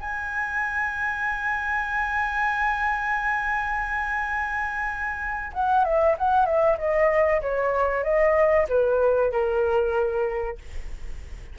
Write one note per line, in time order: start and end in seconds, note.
0.00 5.53 G#5
5.53 5.84 F#5
5.84 6.16 E5
6.18 6.46 F#5
6.46 6.77 E5
6.78 7.41 D#5
7.42 8.04 C#5
8.04 8.67 D#5
8.69 9.32 B4
9.32 10.58 A#4